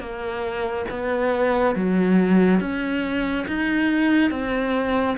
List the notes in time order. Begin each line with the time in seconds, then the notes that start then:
0.00 A#3
0.90 B3
1.75 F#3
2.60 C#4
3.48 D#4
4.31 C4